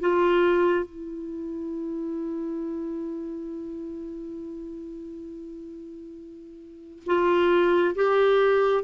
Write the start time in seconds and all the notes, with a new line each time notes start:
0.00 F4
0.85 E4
7.06 F4
7.95 G4